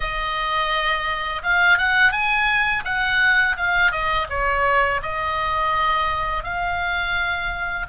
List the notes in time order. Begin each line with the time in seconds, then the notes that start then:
0.00 D#5
1.43 F5
1.78 F#5
2.12 G#5
2.84 F#5
3.56 F5
3.91 D#5
4.29 C#5
5.02 D#5
6.43 F5